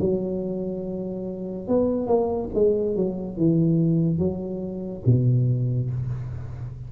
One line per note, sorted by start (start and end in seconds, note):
0.00 1.68 F#3
1.68 2.07 B3
2.07 2.49 A#3
2.54 2.96 G#3
2.96 3.37 F#3
3.37 4.18 E3
4.18 5.03 F#3
5.06 5.90 B2